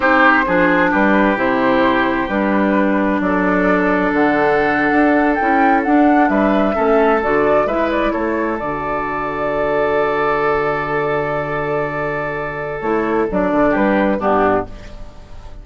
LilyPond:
<<
  \new Staff \with { instrumentName = "flute" } { \time 4/4 \tempo 4 = 131 c''2 b'4 c''4~ | c''4 b'2 d''4~ | d''4 fis''2~ fis''8. g''16~ | g''8. fis''4 e''2 d''16~ |
d''8. e''8 d''8 cis''4 d''4~ d''16~ | d''1~ | d''1 | cis''4 d''4 b'4 g'4 | }
  \new Staff \with { instrumentName = "oboe" } { \time 4/4 g'4 gis'4 g'2~ | g'2. a'4~ | a'1~ | a'4.~ a'16 b'4 a'4~ a'16~ |
a'8. b'4 a'2~ a'16~ | a'1~ | a'1~ | a'2 g'4 d'4 | }
  \new Staff \with { instrumentName = "clarinet" } { \time 4/4 dis'4 d'2 e'4~ | e'4 d'2.~ | d'2.~ d'8. e'16~ | e'8. d'2 cis'4 fis'16~ |
fis'8. e'2 fis'4~ fis'16~ | fis'1~ | fis'1 | e'4 d'2 b4 | }
  \new Staff \with { instrumentName = "bassoon" } { \time 4/4 c'4 f4 g4 c4~ | c4 g2 fis4~ | fis4 d4.~ d16 d'4 cis'16~ | cis'8. d'4 g4 a4 d16~ |
d8. gis4 a4 d4~ d16~ | d1~ | d1 | a4 fis8 d8 g4 g,4 | }
>>